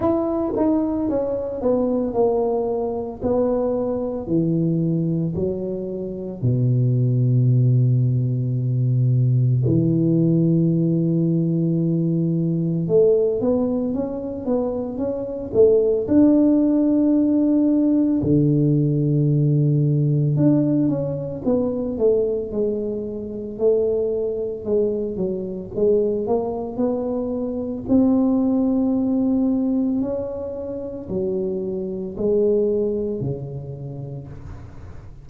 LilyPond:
\new Staff \with { instrumentName = "tuba" } { \time 4/4 \tempo 4 = 56 e'8 dis'8 cis'8 b8 ais4 b4 | e4 fis4 b,2~ | b,4 e2. | a8 b8 cis'8 b8 cis'8 a8 d'4~ |
d'4 d2 d'8 cis'8 | b8 a8 gis4 a4 gis8 fis8 | gis8 ais8 b4 c'2 | cis'4 fis4 gis4 cis4 | }